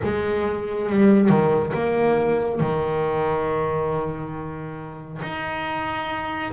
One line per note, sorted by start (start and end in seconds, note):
0.03 0.89 G#3
0.89 1.29 G3
1.29 1.72 D#3
1.73 2.59 A#3
2.59 5.20 D#3
5.22 6.52 D#4